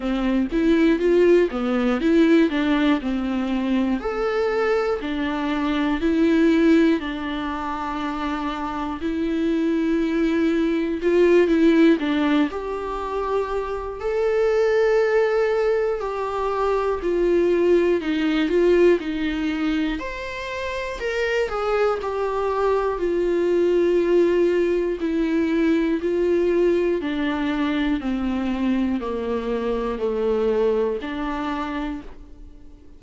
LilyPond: \new Staff \with { instrumentName = "viola" } { \time 4/4 \tempo 4 = 60 c'8 e'8 f'8 b8 e'8 d'8 c'4 | a'4 d'4 e'4 d'4~ | d'4 e'2 f'8 e'8 | d'8 g'4. a'2 |
g'4 f'4 dis'8 f'8 dis'4 | c''4 ais'8 gis'8 g'4 f'4~ | f'4 e'4 f'4 d'4 | c'4 ais4 a4 d'4 | }